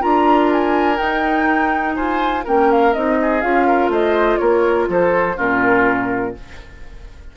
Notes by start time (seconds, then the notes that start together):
0.00 D4 F4 A#4 A#5
0.52 G#5
0.96 D#4 G5
1.95 F4 C5 G#5
2.44 A#3 C#4 A#4 G5
2.71 F5
2.93 C4 D#4 D#5
3.21 G#4
3.41 C#4 F4 F5
3.67 A#4
3.88 A3 C5 D#5
4.37 A#3 A#4 C#5
4.88 F3 A4 C5
5.36 A#2 C#4 F4 A#4